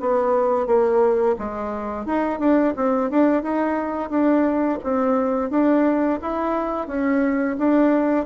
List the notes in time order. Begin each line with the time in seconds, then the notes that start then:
0.00 B3
0.66 A#3
1.38 G#3
2.06 D#4
2.39 D4
2.76 C4
3.10 D4
3.42 D#4
4.09 D4
4.83 C4
5.50 D4
6.21 E4
6.87 C#4
7.58 D4